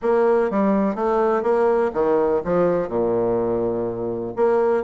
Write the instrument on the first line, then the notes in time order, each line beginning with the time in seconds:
bassoon
0.02 A#3
0.50 G3
0.95 A3
1.42 A#3
1.93 D#3
2.44 F3
2.88 A#2
4.35 A#3